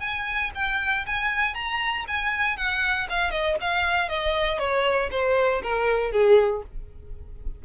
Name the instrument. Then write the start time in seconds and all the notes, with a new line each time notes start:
violin
0.00 G#5
0.55 G5
1.06 G#5
1.54 A#5
2.08 G#5
2.57 F#5
3.10 F5
3.31 D#5
3.61 F5
4.09 D#5
4.59 C#5
5.11 C5
5.62 A#4
6.12 G#4